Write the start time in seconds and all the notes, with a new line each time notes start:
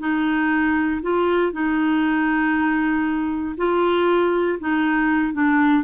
0.00 D#4
1.02 F4
1.53 D#4
3.58 F4
4.60 D#4
5.34 D4